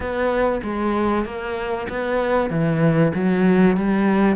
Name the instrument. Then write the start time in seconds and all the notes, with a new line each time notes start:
cello
0.00 B3
0.62 G#3
1.25 A#3
1.89 B3
2.50 E3
3.14 F#3
3.76 G3